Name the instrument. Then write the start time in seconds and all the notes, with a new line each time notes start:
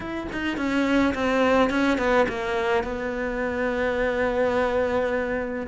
cello
0.00 E4
0.32 D#4
0.57 C#4
1.14 C4
1.70 C#4
1.98 B3
2.28 A#3
2.83 B3